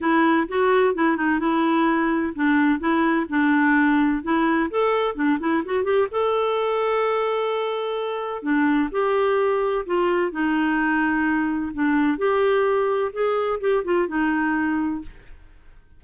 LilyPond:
\new Staff \with { instrumentName = "clarinet" } { \time 4/4 \tempo 4 = 128 e'4 fis'4 e'8 dis'8 e'4~ | e'4 d'4 e'4 d'4~ | d'4 e'4 a'4 d'8 e'8 | fis'8 g'8 a'2.~ |
a'2 d'4 g'4~ | g'4 f'4 dis'2~ | dis'4 d'4 g'2 | gis'4 g'8 f'8 dis'2 | }